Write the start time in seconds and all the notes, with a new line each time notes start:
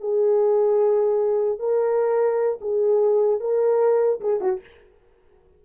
0.00 G#4
1.59 A#4
2.61 G#4
3.40 A#4
4.20 G#4
4.40 F#4